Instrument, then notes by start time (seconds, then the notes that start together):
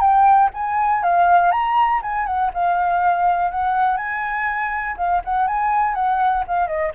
flute
0.00 G5
0.54 G#5
1.03 F5
1.51 A#5
2.02 G#5
2.26 F#5
2.54 F5
3.51 F#5
3.97 G#5
4.97 F5
5.25 F#5
5.47 G#5
5.95 F#5
6.47 F5
6.68 D#5